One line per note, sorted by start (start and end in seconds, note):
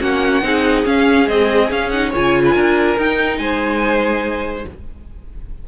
0.00 0.42 A#3
0.00 0.42 C#4
0.00 0.43 F#4
0.00 0.85 F#5
0.42 0.84 C4
0.42 0.84 D#4
0.42 2.10 G#4
0.84 1.25 C#4
0.84 1.29 C#4
0.84 1.28 F5
1.25 1.68 G#3
1.25 1.71 C4
1.25 1.70 D#5
1.70 1.91 C#4
1.70 2.13 C#4
1.70 1.90 F5
1.90 2.13 D#4
1.90 2.11 F#5
2.10 2.55 C#3
2.10 2.97 F4
2.10 2.41 C#5
2.10 2.99 G#5
2.45 2.54 B4
2.54 2.97 D4
2.54 3.38 A#4
2.97 4.66 D#4
2.97 3.38 D#4
2.97 3.38 G5
3.38 4.65 G#3
3.38 4.67 C5
3.38 4.65 G#5